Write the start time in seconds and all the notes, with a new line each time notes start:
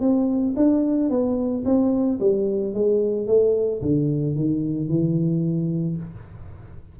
0.00 C4
0.56 D4
1.10 B3
1.65 C4
2.20 G3
2.74 G#3
3.27 A3
3.82 D3
4.35 D#3
4.88 E3